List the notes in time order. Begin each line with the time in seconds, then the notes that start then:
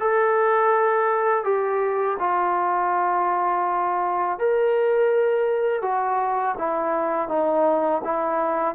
0.00 A4
1.44 G4
2.20 F4
4.39 A#4
5.82 F#4
6.58 E4
7.29 D#4
8.04 E4